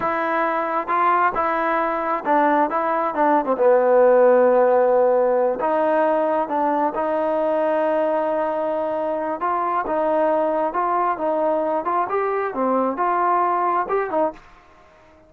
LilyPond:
\new Staff \with { instrumentName = "trombone" } { \time 4/4 \tempo 4 = 134 e'2 f'4 e'4~ | e'4 d'4 e'4 d'8. c'16 | b1~ | b8 dis'2 d'4 dis'8~ |
dis'1~ | dis'4 f'4 dis'2 | f'4 dis'4. f'8 g'4 | c'4 f'2 g'8 dis'8 | }